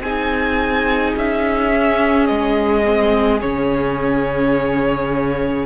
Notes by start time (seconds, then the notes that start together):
0.00 C4 D#4 G#4 G#5
1.16 C#4 E5
1.70 C#4
2.26 G#3 D#5
2.85 C4
3.41 C#3 C#4 C#5